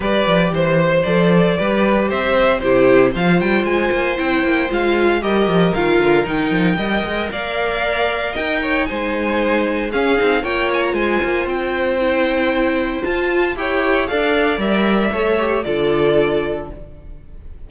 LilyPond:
<<
  \new Staff \with { instrumentName = "violin" } { \time 4/4 \tempo 4 = 115 d''4 c''4 d''2 | e''4 c''4 f''8 g''8 gis''4 | g''4 f''4 dis''4 f''4 | g''2 f''2 |
g''4 gis''2 f''4 | g''8 gis''16 ais''16 gis''4 g''2~ | g''4 a''4 g''4 f''4 | e''2 d''2 | }
  \new Staff \with { instrumentName = "violin" } { \time 4/4 b'4 c''2 b'4 | c''4 g'4 c''2~ | c''2 ais'2~ | ais'4 dis''4 d''2 |
dis''8 cis''8 c''2 gis'4 | cis''4 c''2.~ | c''2 cis''4 d''4~ | d''4 cis''4 a'2 | }
  \new Staff \with { instrumentName = "viola" } { \time 4/4 g'2 a'4 g'4~ | g'4 e'4 f'2 | e'4 f'4 g'4 f'4 | dis'4 ais'2.~ |
ais'4 dis'2 cis'8 dis'8 | f'2. e'4~ | e'4 f'4 g'4 a'4 | ais'4 a'8 g'8 f'2 | }
  \new Staff \with { instrumentName = "cello" } { \time 4/4 g8 f8 e4 f4 g4 | c'4 c4 f8 g8 gis8 ais8 | c'8 ais8 gis4 g8 f8 dis8 d8 | dis8 f8 g8 gis8 ais2 |
dis'4 gis2 cis'8 c'8 | ais4 gis8 ais8 c'2~ | c'4 f'4 e'4 d'4 | g4 a4 d2 | }
>>